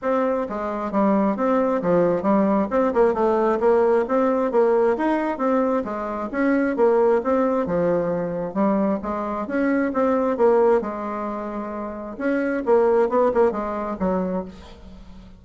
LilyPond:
\new Staff \with { instrumentName = "bassoon" } { \time 4/4 \tempo 4 = 133 c'4 gis4 g4 c'4 | f4 g4 c'8 ais8 a4 | ais4 c'4 ais4 dis'4 | c'4 gis4 cis'4 ais4 |
c'4 f2 g4 | gis4 cis'4 c'4 ais4 | gis2. cis'4 | ais4 b8 ais8 gis4 fis4 | }